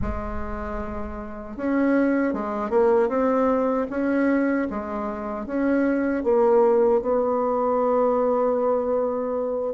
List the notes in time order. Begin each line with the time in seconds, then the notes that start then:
0.01 G#3
1.56 C#4
2.33 G#3
2.70 A#3
3.08 C4
3.90 C#4
4.70 G#3
5.45 C#4
6.23 A#3
7.01 B3